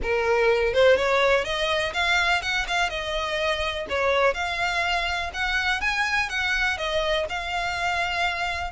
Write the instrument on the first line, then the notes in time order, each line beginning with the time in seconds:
violin
0.02 A#4
0.73 C5
0.96 C#5
1.44 D#5
1.93 F5
2.41 F#5
2.67 F5
2.89 D#5
3.89 C#5
4.34 F5
5.33 F#5
5.80 G#5
6.29 F#5
6.77 D#5
7.29 F5